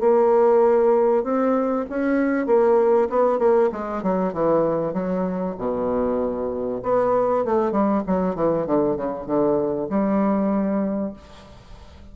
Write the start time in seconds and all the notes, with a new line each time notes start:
0.00 A#3
1.24 C4
1.90 C#4
2.46 A#3
3.10 B3
3.39 A#3
3.72 G#3
4.03 F#3
4.33 E3
4.93 F#3
5.58 B2
6.83 B3
7.45 A3
7.72 G3
8.07 F#3
8.35 E3
8.66 D3
8.96 C#3
9.26 D3
9.90 G3